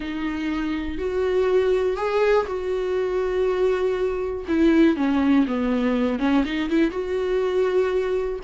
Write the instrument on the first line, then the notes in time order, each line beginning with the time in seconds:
viola
0.00 D#4
0.97 F#4
1.97 G#4
2.47 F#4
4.48 E4
4.96 C#4
5.47 B3
6.19 C#4
6.45 D#4
6.69 E4
6.91 F#4